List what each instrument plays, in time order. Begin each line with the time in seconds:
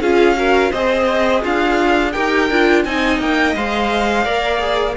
0.00 cello C#4, viola F4, violin G#4 F5
0.35 viola F#4, violin A#4
0.71 cello C4, viola G#4, violin C5 D#5
1.42 cello D4, violin F4 F5
2.12 cello D#4, viola G4, violin A#4 G5
2.50 cello D4, viola F4
2.85 cello C4, viola D#4, violin D#5 G#5
3.20 cello A#3, violin G5
3.56 cello G#3, viola C5, violin F5
4.25 cello A#3, viola A#4, violin D5
4.59 viola G#4